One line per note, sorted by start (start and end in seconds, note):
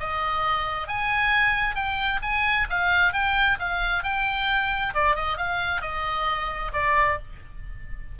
0.00 0.88 D#5
0.88 1.75 G#5
1.75 2.20 G5
2.22 2.68 G#5
2.70 3.13 F5
3.13 3.58 G5
3.59 4.04 F5
4.04 4.94 G5
4.94 5.16 D5
5.16 5.38 D#5
5.38 5.82 F5
5.82 6.72 D#5
6.73 7.18 D5